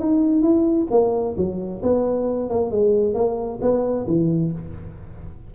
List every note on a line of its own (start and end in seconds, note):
0.00 0.43 D#4
0.43 0.88 E4
0.91 1.36 A#3
1.37 1.83 F#3
1.83 2.50 B3
2.50 2.71 A#3
2.71 3.15 G#3
3.15 3.60 A#3
3.62 4.07 B3
4.07 4.53 E3